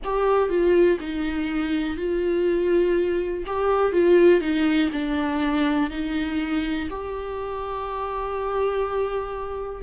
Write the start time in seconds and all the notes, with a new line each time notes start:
0.04 G4
0.49 F4
1.00 D#4
1.96 F4
3.46 G4
3.92 F4
4.40 D#4
4.92 D4
5.90 D#4
6.90 G4